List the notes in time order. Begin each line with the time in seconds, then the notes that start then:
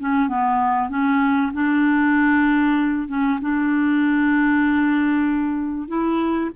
0.00 C#4
0.29 B3
0.89 C#4
1.53 D4
3.08 C#4
3.41 D4
5.88 E4